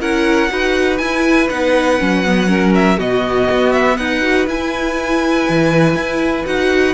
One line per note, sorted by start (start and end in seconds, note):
0.00 0.50 C#4
0.00 0.48 E4
0.00 0.50 A#4
0.00 0.97 F#5
0.48 1.00 D#4
0.48 0.98 F#4
0.48 2.48 B4
0.97 1.49 E4
0.97 1.47 G#5
1.49 2.00 B3
1.49 1.99 D#4
1.49 2.73 F#5
1.99 2.98 F#3
1.99 2.23 C#4
2.25 2.47 B3
2.47 2.97 C#4
2.47 2.97 A#4
2.74 2.99 E5
2.97 3.48 B2
2.97 4.21 B3
2.97 3.96 F#4
2.97 3.72 D#5
3.50 3.98 B3
3.72 3.97 E5
3.97 4.47 D#4
3.97 6.94 B4
3.97 4.46 F#5
4.21 4.46 F#4
4.46 6.45 E4
4.46 5.46 E4
4.46 6.46 G#5
5.48 5.95 E3
5.95 6.45 E4
6.45 6.94 D#4
6.45 6.94 F#4
6.45 6.94 F#5